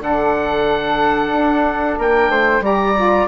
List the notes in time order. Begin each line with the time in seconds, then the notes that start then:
0.00 D3 D4 A4 F#5
1.32 D4
1.98 A#3 A#4 G5
2.28 A3 C5
2.60 G3 G4 D5 A#5
2.96 F4